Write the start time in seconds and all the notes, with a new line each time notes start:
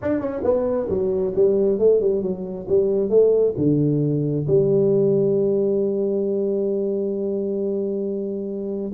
0.02 D4
0.19 C#4
0.44 B3
0.89 F#3
1.35 G3
1.78 A3
2.00 G3
2.22 F#3
2.68 G3
3.09 A3
3.57 D3
4.47 G3